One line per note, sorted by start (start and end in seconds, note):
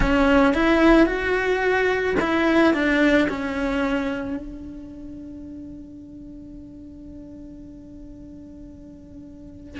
0.00 0.54 C#4
0.54 1.06 E4
1.06 2.15 F#4
2.20 2.73 E4
2.73 3.28 D4
3.28 4.36 C#4
4.36 9.80 D4